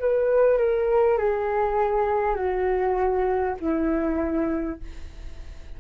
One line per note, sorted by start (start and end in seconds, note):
0.00 0.58 B4
0.58 1.18 A#4
1.18 2.36 G#4
2.36 3.56 F#4
3.61 4.81 E4